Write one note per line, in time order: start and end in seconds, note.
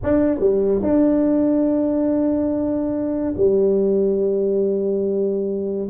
0.03 0.39 D4
0.39 0.81 G3
0.82 3.34 D4
3.36 5.88 G3